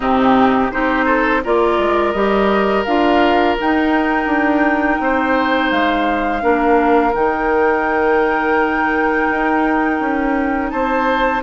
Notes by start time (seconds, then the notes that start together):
0.00 C3 C4 D#4 G4
0.71 C4 D#4 G4 C5
1.05 A4
1.44 A#3 F4 A#4 D5
1.78 G#3
2.12 G3 G4 D#5
2.84 D4 F4 F5
3.58 D#4 G5
4.26 D4
4.99 C4 C5
5.71 G#3 F5
6.40 A#3 D4 A#4
7.13 D#3 D#4 G5
9.30 D#4
9.99 C#4
10.70 C4 C5 A5